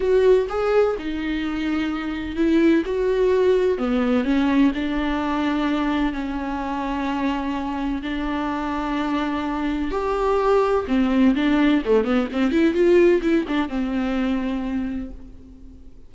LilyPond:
\new Staff \with { instrumentName = "viola" } { \time 4/4 \tempo 4 = 127 fis'4 gis'4 dis'2~ | dis'4 e'4 fis'2 | b4 cis'4 d'2~ | d'4 cis'2.~ |
cis'4 d'2.~ | d'4 g'2 c'4 | d'4 a8 b8 c'8 e'8 f'4 | e'8 d'8 c'2. | }